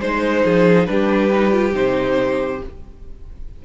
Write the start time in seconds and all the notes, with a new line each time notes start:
0.00 G#3 D#4 C5
0.44 F3 G#4
0.85 G3 D4 G4 B4
1.32 D#4
1.52 F4
1.71 C3 D#4 C5